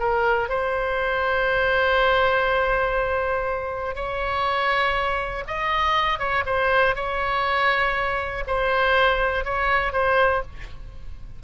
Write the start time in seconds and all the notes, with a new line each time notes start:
0.00 A#4
0.50 C5
3.96 C#5
5.48 D#5
6.19 C#5
6.46 C5
6.96 C#5
8.48 C5
9.45 C#5
9.93 C5